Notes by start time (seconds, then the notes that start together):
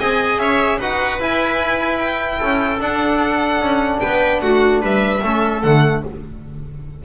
0.00 C4 G#4 D#5 G#5
0.39 C#4 C#5 E5
0.78 D#4 F#4 B4 F#5
1.20 E4 G#5
1.99 G5
2.38 C#4 A4
2.79 D4 F#5
3.61 C#4
4.00 B3 B4 G5
4.42 A3 F#4 F#5
4.82 G3 B4 E5
5.24 A3 C#4 A4
5.63 D3 A3 F#5